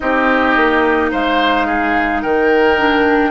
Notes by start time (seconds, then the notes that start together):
0.00 C4 D#4 G4 D#5
0.56 A#3
1.11 G#3 C5 F5
1.66 G#4
2.21 D#3 A#4 G5
2.77 D4